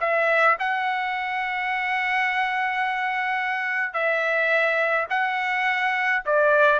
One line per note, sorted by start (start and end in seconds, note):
0.00 0.57 E5
0.59 3.93 F#5
3.93 5.06 E5
5.10 6.23 F#5
6.25 6.79 D5